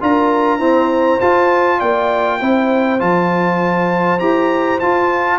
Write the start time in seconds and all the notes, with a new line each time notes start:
0.00 D4 F4 A#4 A#5
0.58 C4 E4 C5
1.20 F4 A5
1.78 A#3 D5 G5
2.39 C4 E4 C5
2.98 F3 F4 A5
4.19 E4 G4 A#5
4.79 F4 A5